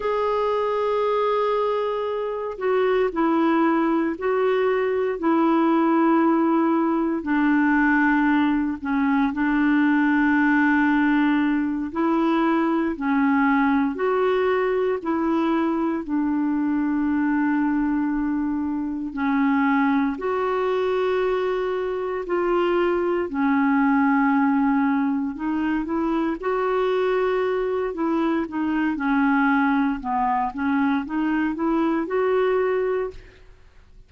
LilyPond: \new Staff \with { instrumentName = "clarinet" } { \time 4/4 \tempo 4 = 58 gis'2~ gis'8 fis'8 e'4 | fis'4 e'2 d'4~ | d'8 cis'8 d'2~ d'8 e'8~ | e'8 cis'4 fis'4 e'4 d'8~ |
d'2~ d'8 cis'4 fis'8~ | fis'4. f'4 cis'4.~ | cis'8 dis'8 e'8 fis'4. e'8 dis'8 | cis'4 b8 cis'8 dis'8 e'8 fis'4 | }